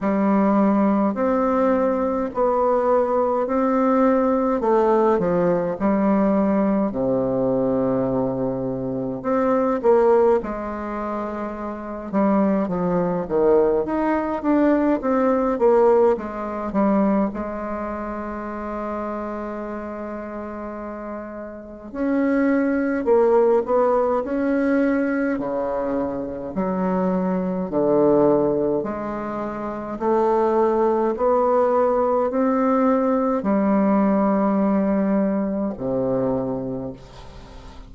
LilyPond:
\new Staff \with { instrumentName = "bassoon" } { \time 4/4 \tempo 4 = 52 g4 c'4 b4 c'4 | a8 f8 g4 c2 | c'8 ais8 gis4. g8 f8 dis8 | dis'8 d'8 c'8 ais8 gis8 g8 gis4~ |
gis2. cis'4 | ais8 b8 cis'4 cis4 fis4 | d4 gis4 a4 b4 | c'4 g2 c4 | }